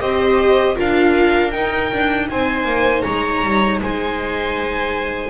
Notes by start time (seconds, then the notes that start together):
0.00 C4 G4 C5 D#5
0.75 D4 F4 A#4 F5
1.51 D#4 G5
1.93 D4
2.30 C4 C5 G#5
2.65 A#3
3.02 G#3 C#5 A#5
3.44 G3
3.81 G#3 C5 G#5